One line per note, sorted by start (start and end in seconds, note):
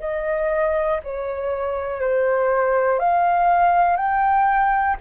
0.00 1.00 D#5
1.03 2.00 C#5
2.00 2.99 C5
2.99 3.96 F5
3.96 4.96 G5